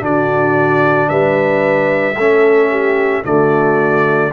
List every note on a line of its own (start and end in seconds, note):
0.00 1.09 D3
0.00 2.14 D4
0.00 1.09 F#4
0.00 1.09 D5
1.09 2.17 G3
1.09 2.17 B4
1.09 3.24 E5
2.17 3.24 A3
2.17 3.24 C#4
2.17 2.71 A4
2.71 3.24 G4
3.24 4.32 D3
3.24 4.31 A3
3.24 4.32 F#4
3.24 4.33 D5